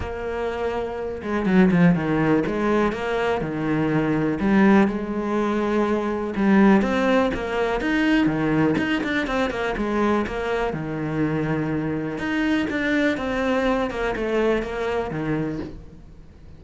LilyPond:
\new Staff \with { instrumentName = "cello" } { \time 4/4 \tempo 4 = 123 ais2~ ais8 gis8 fis8 f8 | dis4 gis4 ais4 dis4~ | dis4 g4 gis2~ | gis4 g4 c'4 ais4 |
dis'4 dis4 dis'8 d'8 c'8 ais8 | gis4 ais4 dis2~ | dis4 dis'4 d'4 c'4~ | c'8 ais8 a4 ais4 dis4 | }